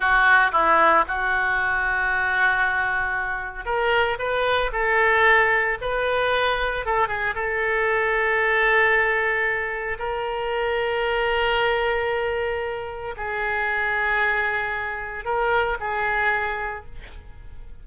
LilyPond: \new Staff \with { instrumentName = "oboe" } { \time 4/4 \tempo 4 = 114 fis'4 e'4 fis'2~ | fis'2. ais'4 | b'4 a'2 b'4~ | b'4 a'8 gis'8 a'2~ |
a'2. ais'4~ | ais'1~ | ais'4 gis'2.~ | gis'4 ais'4 gis'2 | }